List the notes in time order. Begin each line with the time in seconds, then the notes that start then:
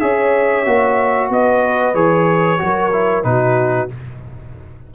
0.00 C#4 G#4 C#5 E5
0.66 A#3 F#4
1.30 B3 B4 D#5
1.95 E3 G#4 C#5
2.59 F#3 F#4
2.65 A#4
2.93 E4
3.24 B2 D#4 F#4 B4